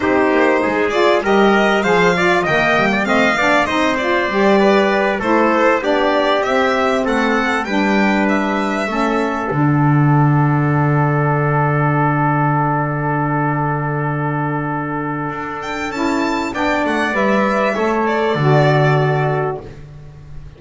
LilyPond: <<
  \new Staff \with { instrumentName = "violin" } { \time 4/4 \tempo 4 = 98 c''4. d''8 dis''4 f''4 | g''4 f''4 dis''8 d''4.~ | d''8 c''4 d''4 e''4 fis''8~ | fis''8 g''4 e''2 fis''8~ |
fis''1~ | fis''1~ | fis''4. g''8 a''4 g''8 fis''8 | e''4. d''2~ d''8 | }
  \new Staff \with { instrumentName = "trumpet" } { \time 4/4 g'4 gis'4 ais'4 c''8 d''8 | dis''8. d''16 dis''8 d''8 c''4. b'8~ | b'8 a'4 g'2 a'8~ | a'8 b'2 a'4.~ |
a'1~ | a'1~ | a'2. d''4~ | d''4 cis''4 a'2 | }
  \new Staff \with { instrumentName = "saxophone" } { \time 4/4 dis'4. f'8 g'4 gis'8 f'8 | ais4 c'8 d'8 dis'8 f'8 g'4~ | g'8 e'4 d'4 c'4.~ | c'8 d'2 cis'4 d'8~ |
d'1~ | d'1~ | d'2 e'4 d'4 | b'4 a'4 fis'2 | }
  \new Staff \with { instrumentName = "double bass" } { \time 4/4 c'8 ais8 gis4 g4 f4 | dis8 g8 a8 b8 c'4 g4~ | g8 a4 b4 c'4 a8~ | a8 g2 a4 d8~ |
d1~ | d1~ | d4 d'4 cis'4 b8 a8 | g4 a4 d2 | }
>>